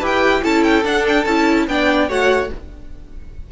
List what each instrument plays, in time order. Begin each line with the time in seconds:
0.00 cello E4, viola G4, violin B4
0.06 violin G5
0.43 cello C#4, viola E4, violin A4 A5
0.64 violin G5
0.84 viola D4, cello D4, violin F#5
1.09 violin G5
1.25 cello C#4, viola E4, violin A5
1.68 cello B3, viola D4, violin D5 G5
2.09 cello A3, viola F#4, violin C#5 F#5